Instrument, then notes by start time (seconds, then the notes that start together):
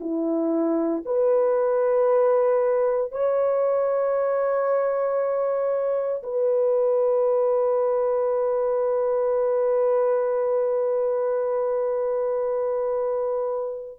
horn
0.00 E4
1.05 B4
3.12 C#5
6.23 B4